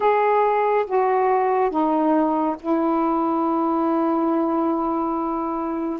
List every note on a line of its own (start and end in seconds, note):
0.00 0.85 G#4
0.86 1.70 F#4
1.70 2.56 D#4
2.59 5.99 E4